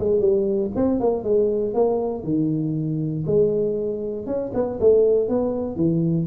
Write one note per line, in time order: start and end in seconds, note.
0.00 0.21 G#3
0.21 0.71 G3
0.76 1.00 C4
1.00 1.24 A#3
1.24 1.74 G#3
1.75 2.24 A#3
2.24 3.25 D#3
3.27 4.27 G#3
4.27 4.52 C#4
4.54 4.79 B3
4.80 5.29 A3
5.29 5.77 B3
5.77 6.27 E3